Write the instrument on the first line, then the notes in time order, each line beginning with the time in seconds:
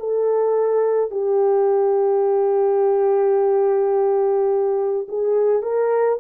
horn
0.00 A4
1.11 G4
5.09 G#4
5.62 A#4